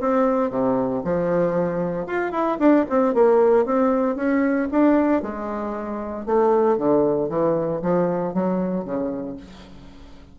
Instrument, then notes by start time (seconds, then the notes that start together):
bassoon
0.00 C4
0.50 C3
1.04 F3
2.06 F4
2.31 E4
2.59 D4
2.89 C4
3.14 A#3
3.65 C4
4.15 C#4
4.71 D4
5.22 G#3
6.26 A3
6.77 D3
7.29 E3
7.81 F3
8.33 F#3
8.84 C#3